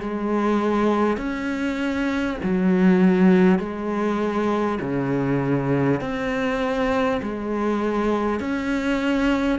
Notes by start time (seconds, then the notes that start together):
0.00 G#3
1.17 C#4
2.43 F#3
3.59 G#3
4.81 C#3
6.01 C4
7.22 G#3
8.41 C#4